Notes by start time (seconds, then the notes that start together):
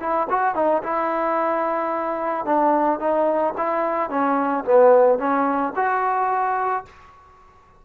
0.00 E4
0.30 F#4
0.55 D#4
0.83 E4
2.45 D4
3.00 D#4
3.58 E4
4.10 C#4
4.65 B3
5.18 C#4
5.76 F#4